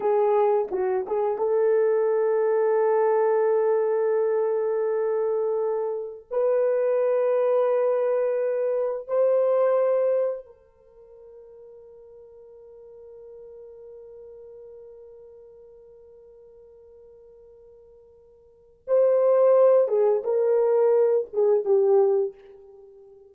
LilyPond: \new Staff \with { instrumentName = "horn" } { \time 4/4 \tempo 4 = 86 gis'4 fis'8 gis'8 a'2~ | a'1~ | a'4 b'2.~ | b'4 c''2 ais'4~ |
ais'1~ | ais'1~ | ais'2. c''4~ | c''8 gis'8 ais'4. gis'8 g'4 | }